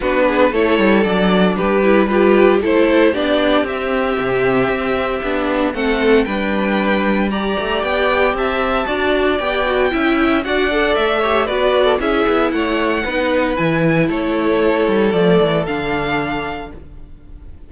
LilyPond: <<
  \new Staff \with { instrumentName = "violin" } { \time 4/4 \tempo 4 = 115 b'4 cis''4 d''4 b'4 | g'4 c''4 d''4 e''4~ | e''2. fis''4 | g''2 ais''4 g''4 |
a''2 g''2 | fis''4 e''4 d''4 e''4 | fis''2 gis''4 cis''4~ | cis''4 d''4 f''2 | }
  \new Staff \with { instrumentName = "violin" } { \time 4/4 fis'8 gis'8 a'2 g'4 | b'4 a'4 g'2~ | g'2. a'4 | b'2 d''2 |
e''4 d''2 e''4 | d''4. cis''8 b'8. a'16 gis'4 | cis''4 b'2 a'4~ | a'1 | }
  \new Staff \with { instrumentName = "viola" } { \time 4/4 d'4 e'4 d'4. e'8 | f'4 e'4 d'4 c'4~ | c'2 d'4 c'4 | d'2 g'2~ |
g'4 fis'4 g'8 fis'8 e'4 | fis'8 a'4 g'8 fis'4 e'4~ | e'4 dis'4 e'2~ | e'4 a4 d'2 | }
  \new Staff \with { instrumentName = "cello" } { \time 4/4 b4 a8 g8 fis4 g4~ | g4 a4 b4 c'4 | c4 c'4 b4 a4 | g2~ g8 a8 b4 |
c'4 d'4 b4 cis'4 | d'4 a4 b4 cis'8 b8 | a4 b4 e4 a4~ | a8 g8 f8 e8 d2 | }
>>